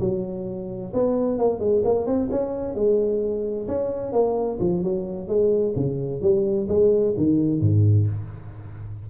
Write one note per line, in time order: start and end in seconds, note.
0.00 0.92 F#3
0.94 1.38 B3
1.38 1.59 A#3
1.59 1.83 G#3
1.84 2.06 A#3
2.06 2.29 C4
2.31 2.75 C#4
2.75 3.67 G#3
3.68 4.12 C#4
4.12 4.58 A#3
4.60 4.83 F3
4.83 5.28 F#3
5.28 5.74 G#3
5.76 6.21 C#3
6.21 6.68 G3
6.69 7.15 G#3
7.17 7.61 D#3
7.61 8.07 G#2